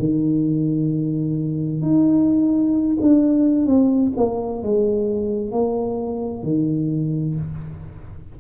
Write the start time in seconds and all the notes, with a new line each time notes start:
0.00 D#3
1.82 D#4
3.01 D4
3.66 C4
4.17 A#3
4.63 G#3
5.52 A#3
6.43 D#3